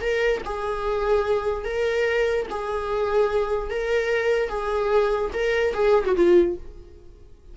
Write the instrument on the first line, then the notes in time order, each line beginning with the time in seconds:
viola
0.00 A#4
0.45 G#4
1.64 A#4
2.50 G#4
3.70 A#4
4.49 G#4
5.33 A#4
5.73 G#4
6.05 F#4
6.16 F4